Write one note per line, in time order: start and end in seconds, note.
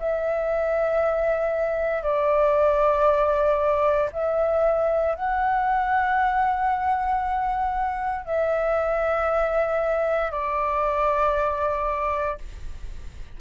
0.00 2.03 E5
2.03 4.10 D5
4.13 5.15 E5
5.15 8.26 F#5
8.26 10.32 E5
10.32 12.39 D5